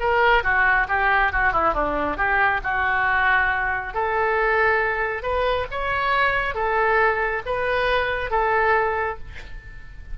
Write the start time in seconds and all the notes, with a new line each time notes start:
0.00 A#4
0.44 F#4
0.89 G4
1.33 F#4
1.53 E4
1.74 D4
2.17 G4
2.64 F#4
3.94 A4
5.23 B4
5.71 C#5
6.55 A4
7.46 B4
8.31 A4